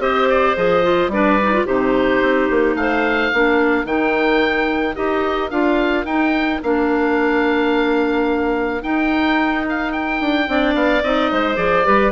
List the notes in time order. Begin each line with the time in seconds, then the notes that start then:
0.00 C4 G4 C5 D#5
0.29 D5
0.56 F3 G#4 D#5
0.84 F4
1.08 G3 D4 B4 D5
1.43 D#4
1.53 F4
1.66 C3 D#4 G4 C5
2.22 C4
2.50 A#3
2.75 A3 C5 F5
3.32 A#3 D4 A#4
3.85 D#3 D#4 G5
4.95 D#4 G4 D#5
5.51 D4 F4 F5
6.05 D#4 G5
6.63 A#3 D4 F5
8.82 D#4 G5
9.69 F5
9.92 G5
10.21 D4
10.47 C4 D4 D5
10.75 B3 F5
11.03 C4 D#4 D#5
11.32 G#3 C5
11.55 F3 G#4 D5
11.84 G3 G4 B4